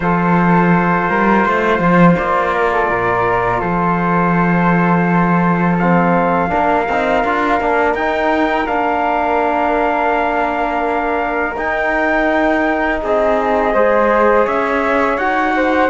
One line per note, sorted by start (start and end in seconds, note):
0.00 1.08 F3
0.00 5.79 F4
0.00 1.09 A4
0.00 2.14 C5
1.09 1.45 G3
1.09 1.45 A#4
1.45 1.79 A3
1.45 2.53 C5
1.79 2.15 F3
2.17 2.89 A#3
2.17 3.60 D5
2.53 2.71 A#4
2.72 2.89 A4
2.89 3.61 A#2
2.89 3.59 A#4
3.59 6.51 F3
3.59 6.49 A4
3.59 5.77 C5
5.78 6.48 C4
5.78 7.95 F5
6.48 6.88 A#3
6.48 6.85 D4
6.48 13.00 A#4
6.88 7.24 C4
6.88 7.25 D#4
7.24 7.60 D4
7.24 7.61 F4
7.60 7.94 A#3
7.60 7.97 D4
7.94 8.66 D#4
7.94 8.66 G5
8.66 11.56 A#3
8.66 11.55 D4
8.66 11.55 F5
11.56 13.73 D#4
11.56 13.01 D#4
11.56 13.01 G5
13.02 13.74 C4
13.02 13.74 G#4
13.02 14.46 D#5
13.74 14.46 G#3
13.74 15.20 G#4
13.74 14.44 C5
14.44 15.17 C#4
14.44 15.53 C#5
14.44 15.18 E5
15.17 15.89 D#4
15.17 15.90 F#4
15.17 15.90 F#5
15.56 15.90 C5